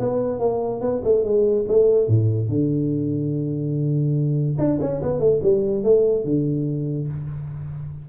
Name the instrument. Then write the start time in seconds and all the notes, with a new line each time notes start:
tuba
0.00 B3
0.40 A#3
0.81 B3
1.04 A3
1.24 G#3
1.68 A3
2.08 A2
2.49 D3
4.59 D4
4.81 C#4
5.02 B3
5.20 A3
5.43 G3
5.84 A3
6.25 D3